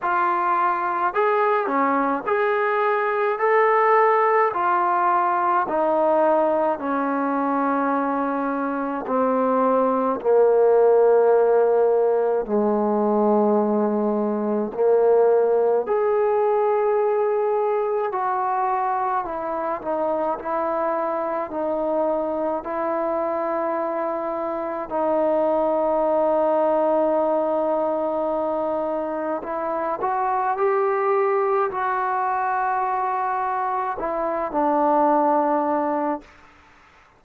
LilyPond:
\new Staff \with { instrumentName = "trombone" } { \time 4/4 \tempo 4 = 53 f'4 gis'8 cis'8 gis'4 a'4 | f'4 dis'4 cis'2 | c'4 ais2 gis4~ | gis4 ais4 gis'2 |
fis'4 e'8 dis'8 e'4 dis'4 | e'2 dis'2~ | dis'2 e'8 fis'8 g'4 | fis'2 e'8 d'4. | }